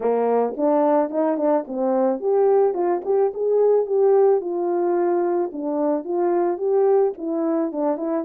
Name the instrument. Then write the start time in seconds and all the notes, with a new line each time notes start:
horn
0.00 A#3
0.57 D4
1.10 D#4
1.37 D4
1.67 C4
2.19 G4
2.73 F4
3.05 G4
3.34 G#4
3.86 G4
4.40 F4
5.52 D4
6.04 F4
6.57 G4
7.17 E4
7.72 D4
7.97 E4